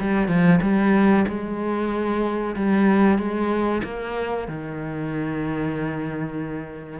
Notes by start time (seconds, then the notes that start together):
0.00 G3
0.28 F3
0.62 G3
1.28 G#3
2.56 G3
3.18 G#3
3.84 A#3
4.48 D#3